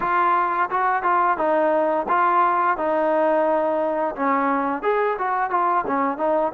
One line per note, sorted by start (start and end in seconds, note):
0.00 0.69 F4
0.70 1.03 F#4
1.03 1.37 F4
1.37 2.06 D#4
2.08 2.77 F4
2.77 4.15 D#4
4.15 4.82 C#4
4.82 5.17 G#4
5.18 5.50 F#4
5.50 5.84 F4
5.87 6.17 C#4
6.17 6.52 D#4